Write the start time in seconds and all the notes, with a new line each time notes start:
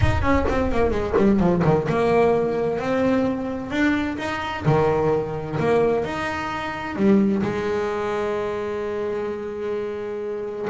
0.01 D#4
0.21 C#4
0.49 C4
0.71 A#3
0.90 G#3
1.16 G3
1.39 F3
1.64 D#3
1.89 A#3
2.79 C4
3.70 D4
4.17 D#4
4.65 D#3
5.59 A#3
6.04 D#4
6.96 G3
7.42 G#3